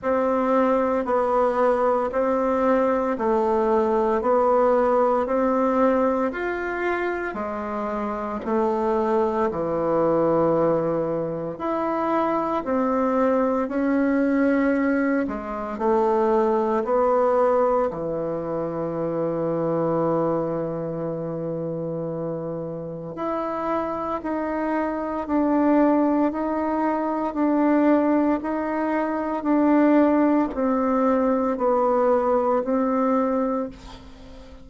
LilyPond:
\new Staff \with { instrumentName = "bassoon" } { \time 4/4 \tempo 4 = 57 c'4 b4 c'4 a4 | b4 c'4 f'4 gis4 | a4 e2 e'4 | c'4 cis'4. gis8 a4 |
b4 e2.~ | e2 e'4 dis'4 | d'4 dis'4 d'4 dis'4 | d'4 c'4 b4 c'4 | }